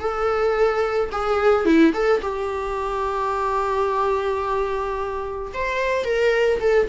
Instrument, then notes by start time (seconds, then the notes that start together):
viola
0.00 A4
1.12 G#4
1.66 E4
1.94 A4
2.22 G4
5.54 C5
6.05 A#4
6.60 A4